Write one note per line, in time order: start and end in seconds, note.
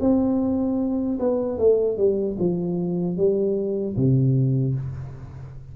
0.00 1.18 C4
1.19 1.58 B3
1.58 1.97 A3
1.97 2.36 G3
2.39 3.17 F3
3.17 3.95 G3
3.96 4.75 C3